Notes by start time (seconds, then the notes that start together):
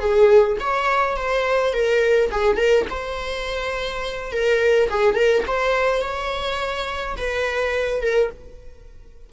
0.00 G#4
0.60 C#5
1.17 C5
1.73 A#4
2.31 G#4
2.57 A#4
2.90 C5
4.32 A#4
4.90 G#4
5.15 A#4
5.47 C5
6.02 C#5
7.17 B4
8.02 A#4